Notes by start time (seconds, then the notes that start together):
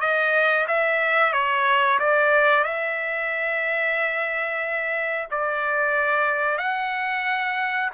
0.00 D#5
0.67 E5
1.32 C#5
1.99 D5
2.64 E5
5.30 D5
6.58 F#5